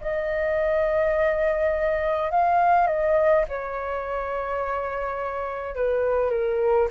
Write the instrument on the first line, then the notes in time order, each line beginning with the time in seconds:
flute
0.00 D#5
2.31 F5
2.87 D#5
3.49 C#5
5.75 B4
6.30 A#4